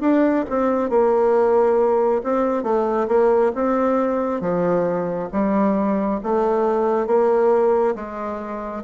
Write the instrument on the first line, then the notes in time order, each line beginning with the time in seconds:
bassoon
0.00 D4
0.49 C4
0.89 A#3
2.23 C4
2.63 A3
3.08 A#3
3.55 C4
4.40 F3
5.32 G3
6.23 A3
7.06 A#3
7.95 G#3